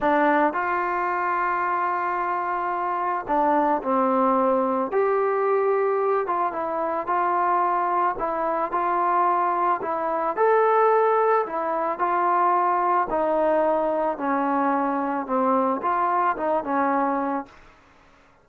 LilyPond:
\new Staff \with { instrumentName = "trombone" } { \time 4/4 \tempo 4 = 110 d'4 f'2.~ | f'2 d'4 c'4~ | c'4 g'2~ g'8 f'8 | e'4 f'2 e'4 |
f'2 e'4 a'4~ | a'4 e'4 f'2 | dis'2 cis'2 | c'4 f'4 dis'8 cis'4. | }